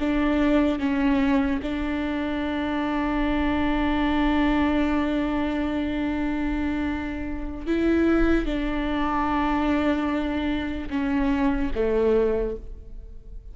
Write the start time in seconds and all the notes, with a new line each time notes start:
0.00 D4
0.79 C#4
1.62 D4
7.67 E4
8.46 D4
10.90 C#4
11.75 A3